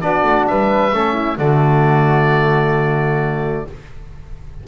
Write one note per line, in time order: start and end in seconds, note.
0.00 0.23 B3
0.00 0.91 D4
0.00 0.48 F#4
0.00 0.45 D5
0.23 0.45 A3
0.47 0.92 G3
0.47 0.94 B4
0.47 1.38 E5
0.92 1.37 A3
0.92 1.38 C#4
0.92 1.13 A4
1.13 1.36 E4
1.37 3.65 D3
1.37 3.67 A3
1.37 3.64 F#4
1.37 3.66 D5